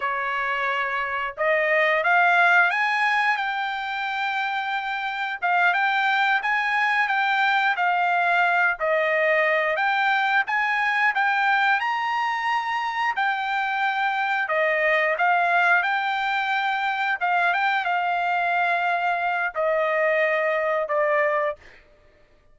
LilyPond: \new Staff \with { instrumentName = "trumpet" } { \time 4/4 \tempo 4 = 89 cis''2 dis''4 f''4 | gis''4 g''2. | f''8 g''4 gis''4 g''4 f''8~ | f''4 dis''4. g''4 gis''8~ |
gis''8 g''4 ais''2 g''8~ | g''4. dis''4 f''4 g''8~ | g''4. f''8 g''8 f''4.~ | f''4 dis''2 d''4 | }